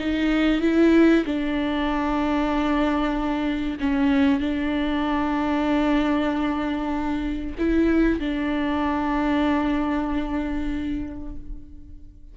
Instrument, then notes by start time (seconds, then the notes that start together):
viola
0.00 D#4
0.62 E4
1.26 D4
3.80 C#4
4.40 D4
7.59 E4
8.20 D4